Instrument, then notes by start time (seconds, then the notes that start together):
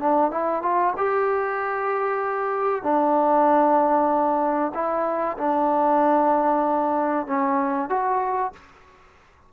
trombone
0.00 D4
0.31 E4
0.62 F4
0.97 G4
2.83 D4
4.74 E4
5.38 D4
7.27 C#4
7.89 F#4